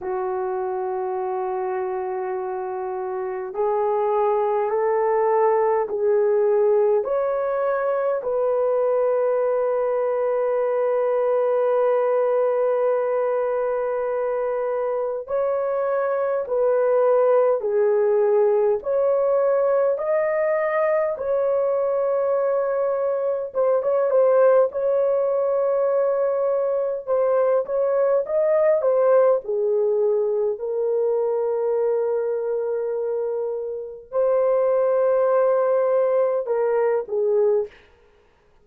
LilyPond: \new Staff \with { instrumentName = "horn" } { \time 4/4 \tempo 4 = 51 fis'2. gis'4 | a'4 gis'4 cis''4 b'4~ | b'1~ | b'4 cis''4 b'4 gis'4 |
cis''4 dis''4 cis''2 | c''16 cis''16 c''8 cis''2 c''8 cis''8 | dis''8 c''8 gis'4 ais'2~ | ais'4 c''2 ais'8 gis'8 | }